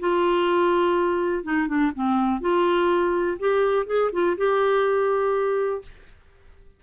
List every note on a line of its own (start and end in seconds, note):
0.00 1.44 F4
1.44 1.68 D#4
1.68 1.92 D4
1.95 2.41 C4
2.41 3.38 F4
3.40 3.87 G4
3.87 4.11 G#4
4.13 4.37 F4
4.37 5.83 G4